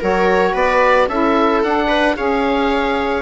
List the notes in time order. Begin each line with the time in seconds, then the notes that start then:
0.00 F#3 F#4 A#4 C#5
0.52 B3 B4 D5
1.07 C#4 E4 A4 E5
1.62 D4 F#5
1.87 B4
2.16 C#4 G#4 C#5 F5